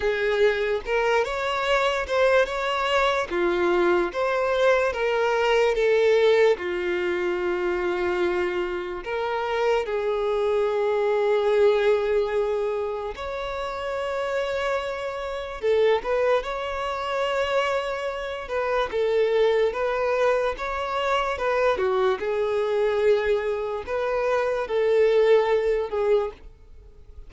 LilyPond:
\new Staff \with { instrumentName = "violin" } { \time 4/4 \tempo 4 = 73 gis'4 ais'8 cis''4 c''8 cis''4 | f'4 c''4 ais'4 a'4 | f'2. ais'4 | gis'1 |
cis''2. a'8 b'8 | cis''2~ cis''8 b'8 a'4 | b'4 cis''4 b'8 fis'8 gis'4~ | gis'4 b'4 a'4. gis'8 | }